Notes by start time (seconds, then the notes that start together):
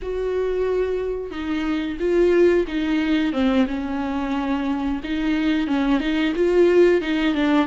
0.02 F#4
1.30 D#4
1.99 F4
2.67 D#4
3.32 C4
3.67 C#4
5.03 D#4
5.67 C#4
5.99 D#4
6.35 F4
7.01 D#4
7.34 D4